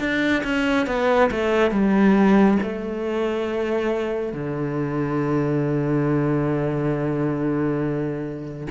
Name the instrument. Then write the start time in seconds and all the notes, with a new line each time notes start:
cello
0.00 D4
0.44 C#4
0.87 B3
1.31 A3
1.71 G3
2.63 A3
4.33 D3